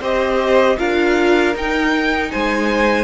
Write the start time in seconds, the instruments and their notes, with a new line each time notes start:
0.00 cello C4, viola G4, violin C5 D#5
0.77 cello D4, viola F4, violin A#4 F5
1.55 cello D#4, viola D#4, violin G5
2.31 cello G#3, violin C5 G#5